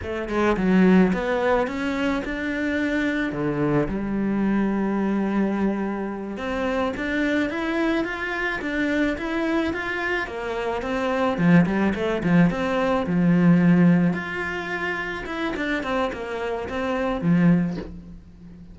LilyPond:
\new Staff \with { instrumentName = "cello" } { \time 4/4 \tempo 4 = 108 a8 gis8 fis4 b4 cis'4 | d'2 d4 g4~ | g2.~ g8 c'8~ | c'8 d'4 e'4 f'4 d'8~ |
d'8 e'4 f'4 ais4 c'8~ | c'8 f8 g8 a8 f8 c'4 f8~ | f4. f'2 e'8 | d'8 c'8 ais4 c'4 f4 | }